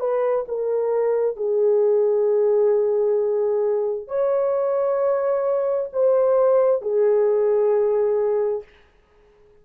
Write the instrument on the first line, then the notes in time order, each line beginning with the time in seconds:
horn
0.00 B4
0.48 A#4
1.36 G#4
4.08 C#5
5.93 C5
6.82 G#4